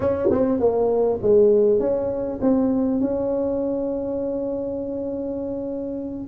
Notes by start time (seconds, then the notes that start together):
0.00 C#4
0.31 C4
0.59 A#3
1.22 G#3
1.79 C#4
2.41 C4
3.00 C#4